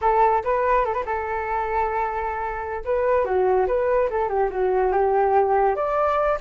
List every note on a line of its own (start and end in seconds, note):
0.01 0.43 A4
0.43 0.85 B4
0.85 0.93 A4
0.93 1.04 B4
1.05 2.84 A4
2.84 3.24 B4
3.24 3.66 F#4
3.67 4.09 B4
4.10 4.28 A4
4.28 4.49 G4
4.50 4.92 F#4
4.92 5.75 G4
5.75 6.38 D5